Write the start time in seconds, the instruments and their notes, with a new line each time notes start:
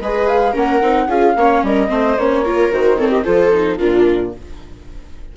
0.00 bassoon G#3, viola G#4 B4, flute D#5
0.28 flute F5
0.52 bassoon A#3, viola C#4 A#4, flute F#5
0.81 bassoon C4, viola D#4
1.07 bassoon C#4, viola F4 G#4, flute F5
1.36 bassoon A#3, viola C#4 C#5
1.62 bassoon G3, viola A#4, flute D#5
1.88 bassoon A3, viola C4 C5
2.18 bassoon A#3, viola C#4, flute C#5
2.44 viola F4 A#4
2.71 bassoon D#3, viola F#4, flute C5
2.97 viola C4 A4, flute C#5
3.09 viola G4, flute D#5
3.24 bassoon F3, viola F4 A4, flute C5
3.53 viola D#4
3.78 bassoon A#2, viola D4 F4, flute A#4